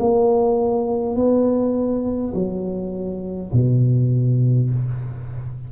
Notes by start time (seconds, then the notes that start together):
0.00 A#3
1.16 B3
2.34 F#3
3.53 B2